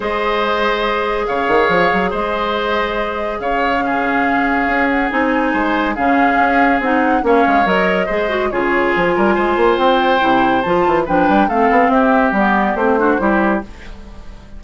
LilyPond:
<<
  \new Staff \with { instrumentName = "flute" } { \time 4/4 \tempo 4 = 141 dis''2. f''4~ | f''4 dis''2. | f''2.~ f''8 fis''8 | gis''2 f''2 |
fis''4 f''4 dis''2 | cis''4 gis''2 g''4~ | g''4 a''4 g''4 f''4 | e''4 d''4 c''2 | }
  \new Staff \with { instrumentName = "oboe" } { \time 4/4 c''2. cis''4~ | cis''4 c''2. | cis''4 gis'2.~ | gis'4 c''4 gis'2~ |
gis'4 cis''2 c''4 | gis'4. ais'8 c''2~ | c''2 b'4 a'4 | g'2~ g'8 fis'8 g'4 | }
  \new Staff \with { instrumentName = "clarinet" } { \time 4/4 gis'1~ | gis'1~ | gis'4 cis'2. | dis'2 cis'2 |
dis'4 cis'4 ais'4 gis'8 fis'8 | f'1 | e'4 f'4 d'4 c'4~ | c'4 b4 c'8 d'8 e'4 | }
  \new Staff \with { instrumentName = "bassoon" } { \time 4/4 gis2. cis8 dis8 | f8 fis8 gis2. | cis2. cis'4 | c'4 gis4 cis4 cis'4 |
c'4 ais8 gis8 fis4 gis4 | cis4 f8 g8 gis8 ais8 c'4 | c4 f8 e8 f8 g8 a8 b8 | c'4 g4 a4 g4 | }
>>